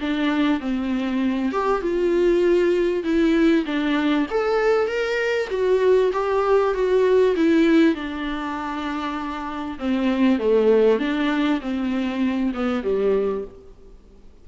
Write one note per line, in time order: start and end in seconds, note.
0.00 0.60 D4
0.60 1.52 C4
1.52 1.81 G4
1.81 3.03 F4
3.03 3.65 E4
3.65 4.27 D4
4.30 4.87 A4
4.87 5.49 A#4
5.50 6.11 F#4
6.13 6.74 G4
6.74 7.35 F#4
7.36 7.95 E4
7.95 9.78 D4
9.79 10.39 C4
10.39 10.99 A3
10.99 11.60 D4
11.61 12.53 C4
12.54 12.83 B3
12.83 13.44 G3